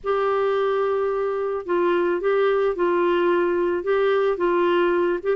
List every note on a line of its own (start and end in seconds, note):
0.03 1.65 G4
1.65 2.20 F4
2.20 2.75 G4
2.75 3.83 F4
3.83 4.37 G4
4.37 5.19 F4
5.22 5.36 G4